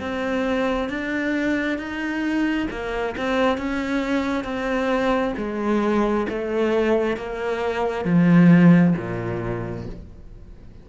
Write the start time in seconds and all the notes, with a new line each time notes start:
0.00 C4
0.89 D4
1.78 D#4
2.70 A#3
3.17 C4
3.57 C#4
4.44 C4
5.37 G#3
6.28 A3
7.16 A#3
8.05 F3
8.97 A#2